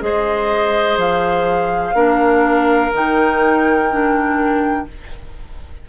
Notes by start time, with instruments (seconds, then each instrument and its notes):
0.00 bassoon G#3, clarinet G#4, oboe C5, flute D#5
0.97 bassoon F3, flute F5
1.94 bassoon A#3, clarinet D4, oboe A#4
2.93 bassoon D#3, clarinet D#4, flute G5
3.91 clarinet D4